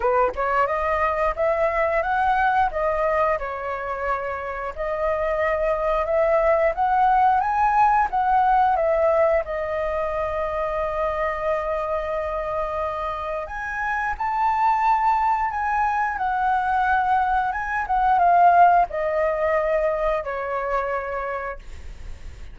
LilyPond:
\new Staff \with { instrumentName = "flute" } { \time 4/4 \tempo 4 = 89 b'8 cis''8 dis''4 e''4 fis''4 | dis''4 cis''2 dis''4~ | dis''4 e''4 fis''4 gis''4 | fis''4 e''4 dis''2~ |
dis''1 | gis''4 a''2 gis''4 | fis''2 gis''8 fis''8 f''4 | dis''2 cis''2 | }